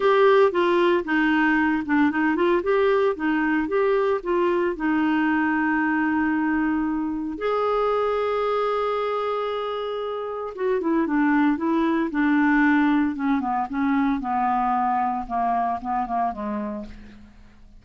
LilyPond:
\new Staff \with { instrumentName = "clarinet" } { \time 4/4 \tempo 4 = 114 g'4 f'4 dis'4. d'8 | dis'8 f'8 g'4 dis'4 g'4 | f'4 dis'2.~ | dis'2 gis'2~ |
gis'1 | fis'8 e'8 d'4 e'4 d'4~ | d'4 cis'8 b8 cis'4 b4~ | b4 ais4 b8 ais8 gis4 | }